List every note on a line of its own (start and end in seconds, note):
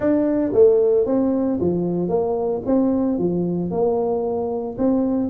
0.00 0.51 D4
0.53 1.06 A3
1.06 1.59 C4
1.60 2.09 F3
2.09 2.62 A#3
2.66 3.18 C4
3.18 3.70 F3
3.70 4.76 A#3
4.78 5.29 C4